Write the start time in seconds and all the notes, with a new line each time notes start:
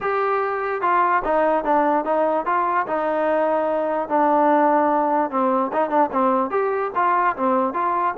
0.00 G4
0.81 F4
1.24 D#4
1.64 D4
2.04 D#4
2.45 F4
2.86 D#4
4.08 D4
5.30 C4
5.72 D#4
5.89 D4
6.12 C4
6.50 G4
6.95 F4
7.36 C4
7.73 F4